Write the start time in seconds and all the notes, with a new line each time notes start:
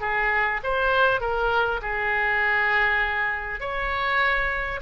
0.00 G#4
0.63 C5
1.21 A#4
1.82 G#4
3.60 C#5